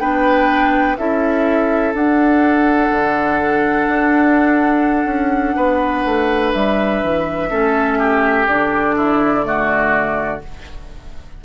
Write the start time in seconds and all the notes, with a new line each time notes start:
0.00 B3 D4 B4 G5
0.97 C#4 E4 A4 E5
1.94 D4 F#5
2.92 D3
3.88 D4
5.05 C#4
5.56 B3 B4
6.05 A3
6.53 G3 E5
7.03 E3
7.50 A3 C#4 A4
7.98 G4
8.48 D3 D4 D5
8.97 E4
9.43 A3 F#4